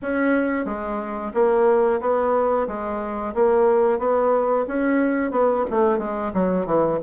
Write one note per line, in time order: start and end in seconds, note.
0.02 0.65 C#4
0.65 1.32 G#3
1.33 2.00 A#3
2.00 2.67 B3
2.67 3.34 G#3
3.34 3.98 A#3
3.98 4.65 B3
4.67 5.31 C#4
5.31 5.64 B3
5.70 5.98 A3
5.98 6.32 G#3
6.33 6.65 F#3
6.65 6.99 E3